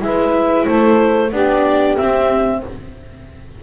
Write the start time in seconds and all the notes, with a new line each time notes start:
0.00 G#3 E4 B4 E5
0.66 A3 A4 C5
1.32 B3 D4 G4 D5
1.97 C4 E5